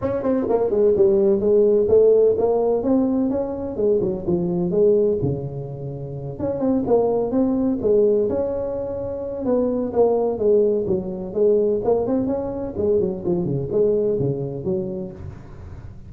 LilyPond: \new Staff \with { instrumentName = "tuba" } { \time 4/4 \tempo 4 = 127 cis'8 c'8 ais8 gis8 g4 gis4 | a4 ais4 c'4 cis'4 | gis8 fis8 f4 gis4 cis4~ | cis4. cis'8 c'8 ais4 c'8~ |
c'8 gis4 cis'2~ cis'8 | b4 ais4 gis4 fis4 | gis4 ais8 c'8 cis'4 gis8 fis8 | f8 cis8 gis4 cis4 fis4 | }